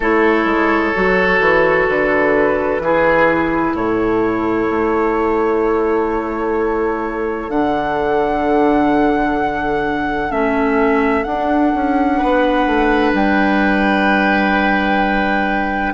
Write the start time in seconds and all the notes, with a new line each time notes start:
0.00 A3 E4 A4 C#5
0.45 G#3
0.94 F#3 F#4
1.40 E3
1.88 D3 B4
2.79 E3 E4 G#4
3.74 A2 A4 C#5
4.70 A3
7.49 D3 D4 F#5
10.30 A3 C#4 E5
11.23 D4 F#5
11.74 C#4
12.18 B3 B4
12.66 A3
13.12 G3 G5